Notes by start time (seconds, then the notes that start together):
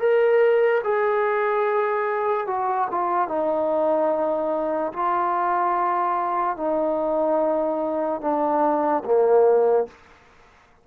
0.00 A#4
0.84 G#4
2.47 F#4
2.91 F4
3.28 D#4
4.93 F4
6.58 D#4
8.22 D4
9.05 A#3